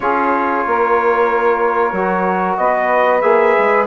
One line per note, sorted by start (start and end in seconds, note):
0.00 0.64 C#4
0.00 1.94 F4
0.00 0.66 G#4
0.00 2.56 C#5
0.67 1.92 A#3
0.67 2.59 A#4
1.92 2.56 F#3
1.92 3.22 F#4
2.57 3.22 B3
2.57 3.86 B4
2.57 3.21 D#5
3.21 3.55 A#3
3.21 3.86 G#4
3.21 3.85 E5
3.58 3.86 G#3